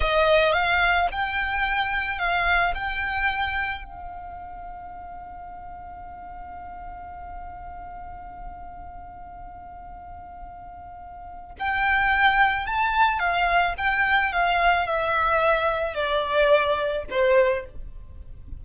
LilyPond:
\new Staff \with { instrumentName = "violin" } { \time 4/4 \tempo 4 = 109 dis''4 f''4 g''2 | f''4 g''2 f''4~ | f''1~ | f''1~ |
f''1~ | f''4 g''2 a''4 | f''4 g''4 f''4 e''4~ | e''4 d''2 c''4 | }